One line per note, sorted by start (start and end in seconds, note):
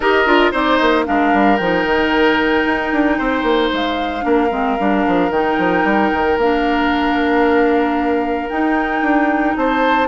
0.00 0.25 D#4
0.00 0.26 G4
0.00 0.51 A#4
0.00 0.52 D#5
0.25 0.52 D4
0.25 0.52 F4
0.51 0.79 C4
0.51 1.05 D#4
0.51 1.04 C5
0.51 0.77 D5
0.77 1.07 A#3
0.77 1.04 D#5
1.05 1.33 G#3
1.05 1.58 D4
1.05 3.18 A#4
1.05 1.57 F5
1.33 1.59 G3
1.57 1.84 F3
1.57 4.21 D#4
1.57 3.69 G5
1.84 2.64 D#3
2.65 2.92 D#4
2.92 3.19 D4
3.18 3.43 C4
3.18 4.24 C5
3.43 3.69 A#3
3.73 4.24 G#3
3.73 5.31 F5
4.21 4.50 A#3
4.21 4.48 D4
4.21 9.56 A#4
4.51 4.77 G#3
4.51 4.78 C4
4.78 5.06 G3
4.78 5.31 D4
5.07 5.30 F3
5.30 5.56 D#3
5.30 6.38 D#4
5.30 6.38 G5
5.58 5.84 F3
5.84 6.10 G3
6.13 6.37 D#3
6.37 8.49 A#3
6.37 8.49 D4
6.37 8.49 F5
8.49 10.07 D#4
8.49 9.02 D#4
8.49 9.55 G5
9.02 9.55 D4
9.56 10.07 C4
9.56 10.07 C5
9.56 10.07 A5